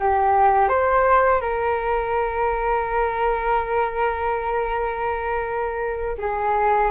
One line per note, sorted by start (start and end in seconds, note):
0.00 0.69 G4
0.69 1.41 C5
1.41 6.17 A#4
6.19 6.92 G#4